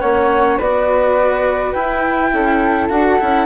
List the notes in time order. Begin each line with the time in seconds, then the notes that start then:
0.00 A#3 C#4 C#5 F#5
0.58 B3 F#4 B4 D5
1.72 E4 G5
2.32 C#4 A4
2.89 D4 F#4 F#5
3.19 C#4 E4